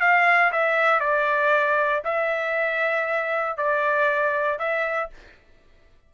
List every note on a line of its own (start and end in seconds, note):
0.00 0.51 F5
0.52 1.00 E5
1.00 2.02 D5
2.04 3.57 E5
3.57 4.58 D5
4.58 5.10 E5